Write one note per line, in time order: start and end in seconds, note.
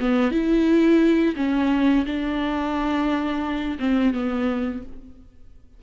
0.00 0.31 B3
0.31 1.34 E4
1.36 2.05 C#4
2.06 3.78 D4
3.79 4.13 C4
4.13 4.82 B3